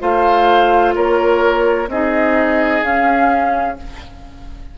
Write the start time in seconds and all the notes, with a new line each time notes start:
0.00 A3 F4 C5 F5
0.95 A#3 A#4 C#5
1.88 C4 D#4 G#4 D#5
2.83 C#4 F5